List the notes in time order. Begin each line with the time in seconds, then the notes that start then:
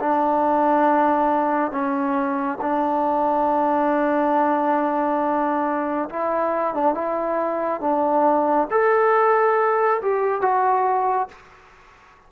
0.00 D4
1.72 C#4
2.61 D4
6.09 E4
6.74 D4
6.94 E4
7.81 D4
8.71 A4
10.02 G4
10.42 F#4